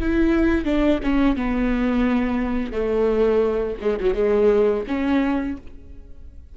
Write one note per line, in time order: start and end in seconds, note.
0.00 0.65 E4
0.65 1.00 D4
1.03 1.36 C#4
1.36 2.72 B3
2.72 3.77 A3
3.81 3.99 G#3
4.01 4.14 F#3
4.14 4.84 G#3
4.88 5.58 C#4